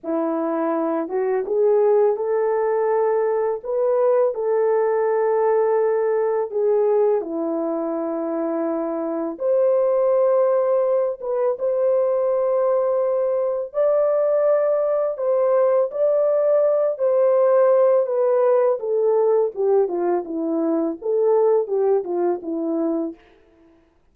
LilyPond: \new Staff \with { instrumentName = "horn" } { \time 4/4 \tempo 4 = 83 e'4. fis'8 gis'4 a'4~ | a'4 b'4 a'2~ | a'4 gis'4 e'2~ | e'4 c''2~ c''8 b'8 |
c''2. d''4~ | d''4 c''4 d''4. c''8~ | c''4 b'4 a'4 g'8 f'8 | e'4 a'4 g'8 f'8 e'4 | }